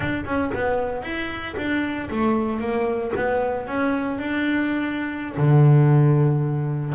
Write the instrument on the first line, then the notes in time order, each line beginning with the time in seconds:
double bass
0.00 D4
0.25 C#4
0.54 B3
1.02 E4
1.57 D4
2.09 A3
2.60 A#3
3.16 B3
3.67 C#4
4.18 D4
5.36 D3